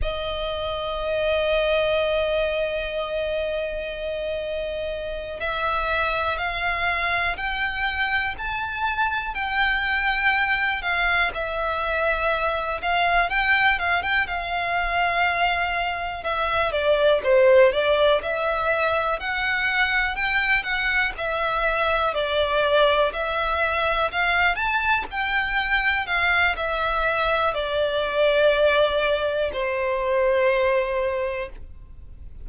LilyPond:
\new Staff \with { instrumentName = "violin" } { \time 4/4 \tempo 4 = 61 dis''1~ | dis''4. e''4 f''4 g''8~ | g''8 a''4 g''4. f''8 e''8~ | e''4 f''8 g''8 f''16 g''16 f''4.~ |
f''8 e''8 d''8 c''8 d''8 e''4 fis''8~ | fis''8 g''8 fis''8 e''4 d''4 e''8~ | e''8 f''8 a''8 g''4 f''8 e''4 | d''2 c''2 | }